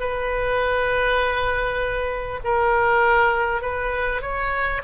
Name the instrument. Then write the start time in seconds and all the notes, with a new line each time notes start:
oboe
0.00 B4
2.44 A#4
3.62 B4
4.22 C#5